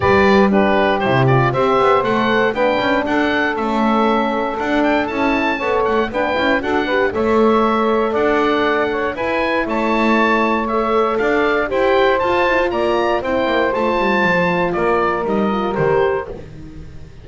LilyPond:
<<
  \new Staff \with { instrumentName = "oboe" } { \time 4/4 \tempo 4 = 118 d''4 b'4 c''8 d''8 e''4 | fis''4 g''4 fis''4 e''4~ | e''4 fis''8 g''8 a''4. fis''8 | g''4 fis''4 e''2 |
fis''2 gis''4 a''4~ | a''4 e''4 f''4 g''4 | a''4 ais''4 g''4 a''4~ | a''4 d''4 dis''4 c''4 | }
  \new Staff \with { instrumentName = "saxophone" } { \time 4/4 b'4 g'2 c''4~ | c''4 b'4 a'2~ | a'2. cis''4 | b'4 a'8 b'8 cis''2 |
d''4. cis''8 b'4 cis''4~ | cis''2 d''4 c''4~ | c''4 d''4 c''2~ | c''4 ais'2. | }
  \new Staff \with { instrumentName = "horn" } { \time 4/4 g'4 d'4 e'8 f'8 g'4 | a'4 d'2 cis'4~ | cis'4 d'4 e'4 a'4 | d'8 e'8 fis'8 g'8 a'2~ |
a'2 e'2~ | e'4 a'2 g'4 | f'8 e'16 f'4~ f'16 e'4 f'4~ | f'2 dis'8 f'8 g'4 | }
  \new Staff \with { instrumentName = "double bass" } { \time 4/4 g2 c4 c'8 b8 | a4 b8 cis'8 d'4 a4~ | a4 d'4 cis'4 b8 a8 | b8 cis'8 d'4 a2 |
d'2 e'4 a4~ | a2 d'4 e'4 | f'4 ais4 c'8 ais8 a8 g8 | f4 ais4 g4 dis4 | }
>>